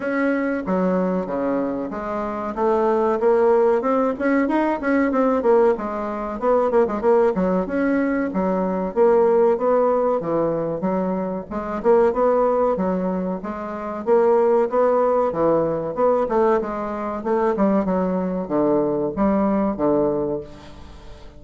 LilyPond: \new Staff \with { instrumentName = "bassoon" } { \time 4/4 \tempo 4 = 94 cis'4 fis4 cis4 gis4 | a4 ais4 c'8 cis'8 dis'8 cis'8 | c'8 ais8 gis4 b8 ais16 gis16 ais8 fis8 | cis'4 fis4 ais4 b4 |
e4 fis4 gis8 ais8 b4 | fis4 gis4 ais4 b4 | e4 b8 a8 gis4 a8 g8 | fis4 d4 g4 d4 | }